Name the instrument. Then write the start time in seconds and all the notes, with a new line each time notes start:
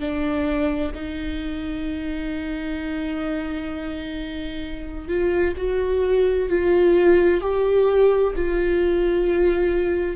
viola
0.00 D4
0.95 D#4
5.09 F4
5.57 F#4
6.50 F4
7.41 G4
8.36 F4